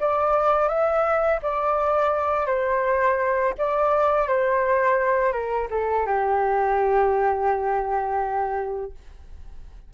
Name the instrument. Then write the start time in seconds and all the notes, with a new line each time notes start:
flute
0.00 D5
0.69 E5
1.42 D5
2.46 C5
3.58 D5
4.28 C5
5.32 A#4
5.71 A4
6.06 G4